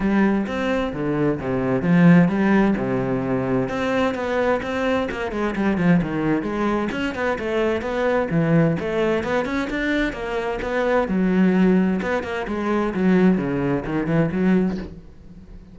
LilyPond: \new Staff \with { instrumentName = "cello" } { \time 4/4 \tempo 4 = 130 g4 c'4 d4 c4 | f4 g4 c2 | c'4 b4 c'4 ais8 gis8 | g8 f8 dis4 gis4 cis'8 b8 |
a4 b4 e4 a4 | b8 cis'8 d'4 ais4 b4 | fis2 b8 ais8 gis4 | fis4 cis4 dis8 e8 fis4 | }